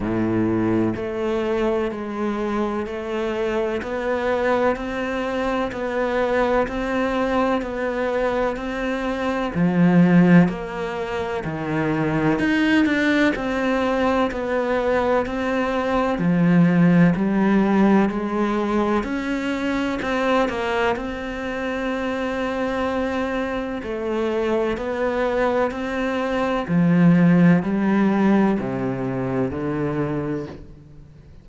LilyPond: \new Staff \with { instrumentName = "cello" } { \time 4/4 \tempo 4 = 63 a,4 a4 gis4 a4 | b4 c'4 b4 c'4 | b4 c'4 f4 ais4 | dis4 dis'8 d'8 c'4 b4 |
c'4 f4 g4 gis4 | cis'4 c'8 ais8 c'2~ | c'4 a4 b4 c'4 | f4 g4 c4 d4 | }